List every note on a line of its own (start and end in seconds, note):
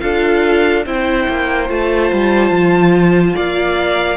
0.00 0.86 D4
0.00 0.85 F4
0.00 0.86 A4
0.00 0.83 F5
0.86 1.27 C4
0.86 1.69 E4
0.86 3.35 C5
0.86 1.70 G5
1.28 1.70 A#3
1.69 2.12 A3
1.69 4.17 F4
1.69 3.36 A5
2.12 2.51 G3
2.51 3.34 F3
3.35 4.17 A#3
3.35 4.17 D5
3.35 4.17 F5